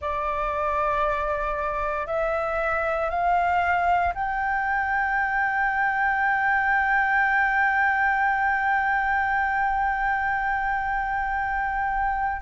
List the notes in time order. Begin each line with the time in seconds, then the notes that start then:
0.00 D5
2.06 E5
3.10 F5
4.14 G5